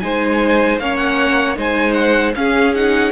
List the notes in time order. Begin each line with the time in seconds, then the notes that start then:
0.00 G#3 D#4 C5 G#5
0.79 A#3 C#4 C#5 F5
0.96 F#5
1.56 G#3 D#4 C5 G#5
1.93 F#5
2.35 C#4 G#4 F5
2.75 D#4 F#5